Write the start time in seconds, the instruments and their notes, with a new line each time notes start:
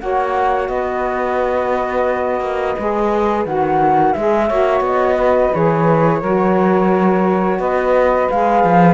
0.00 cello A#3, saxophone F#4 C#5, flute F#5
0.68 cello B3, saxophone B4, flute D#5
2.40 cello A#3
2.79 cello G#3, saxophone G#4
3.45 cello D#3, saxophone F#4, flute F#5
4.13 cello G#3, saxophone G#4, flute E5
4.47 cello A#3, saxophone F#4 C#5
4.81 cello B3, flute D#5
5.15 saxophone B4
5.53 cello E3, saxophone G#4, flute C#5
6.21 cello F#3, saxophone F#4 A#4
7.59 cello B3, saxophone B4, flute D#5
8.30 cello G#3, saxophone G#4, flute F5
8.64 cello F3